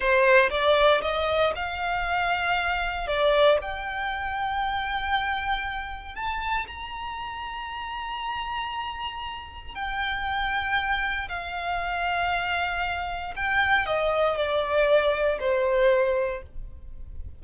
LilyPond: \new Staff \with { instrumentName = "violin" } { \time 4/4 \tempo 4 = 117 c''4 d''4 dis''4 f''4~ | f''2 d''4 g''4~ | g''1 | a''4 ais''2.~ |
ais''2. g''4~ | g''2 f''2~ | f''2 g''4 dis''4 | d''2 c''2 | }